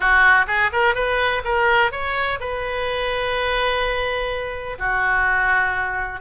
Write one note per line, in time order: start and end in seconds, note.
0.00 0.46 F#4
0.47 0.70 G#4
0.72 0.94 A#4
0.94 1.42 B4
1.44 1.91 A#4
1.91 2.39 C#5
2.39 4.77 B4
4.78 6.20 F#4